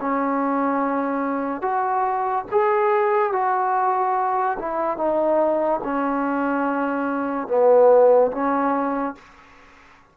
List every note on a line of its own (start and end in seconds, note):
0.00 1.61 C#4
1.61 2.45 F#4
2.51 3.32 G#4
3.32 4.57 F#4
4.59 4.97 E4
4.97 5.80 D#4
5.83 7.47 C#4
7.47 8.31 B3
8.31 9.15 C#4